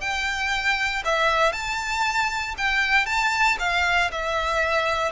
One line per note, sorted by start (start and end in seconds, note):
0.00 1.03 G5
1.05 1.52 E5
1.52 2.55 A5
2.57 3.06 G5
3.06 3.57 A5
3.59 4.10 F5
4.11 5.11 E5